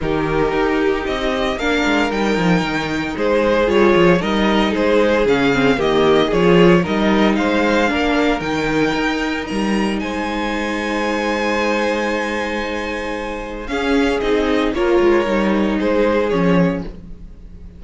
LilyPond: <<
  \new Staff \with { instrumentName = "violin" } { \time 4/4 \tempo 4 = 114 ais'2 dis''4 f''4 | g''2 c''4 cis''4 | dis''4 c''4 f''4 dis''4 | cis''4 dis''4 f''2 |
g''2 ais''4 gis''4~ | gis''1~ | gis''2 f''4 dis''4 | cis''2 c''4 cis''4 | }
  \new Staff \with { instrumentName = "violin" } { \time 4/4 g'2. ais'4~ | ais'2 gis'2 | ais'4 gis'2 g'4 | gis'4 ais'4 c''4 ais'4~ |
ais'2. c''4~ | c''1~ | c''2 gis'2 | ais'2 gis'2 | }
  \new Staff \with { instrumentName = "viola" } { \time 4/4 dis'2. d'4 | dis'2. f'4 | dis'2 cis'8 c'8 ais4 | f'4 dis'2 d'4 |
dis'1~ | dis'1~ | dis'2 cis'4 dis'4 | f'4 dis'2 cis'4 | }
  \new Staff \with { instrumentName = "cello" } { \time 4/4 dis4 dis'4 c'4 ais8 gis8 | g8 f8 dis4 gis4 g8 f8 | g4 gis4 cis4 dis4 | f4 g4 gis4 ais4 |
dis4 dis'4 g4 gis4~ | gis1~ | gis2 cis'4 c'4 | ais8 gis8 g4 gis4 f4 | }
>>